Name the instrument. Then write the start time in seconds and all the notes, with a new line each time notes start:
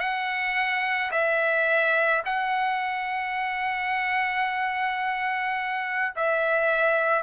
trumpet
0.00 F#5
1.11 E5
2.26 F#5
6.16 E5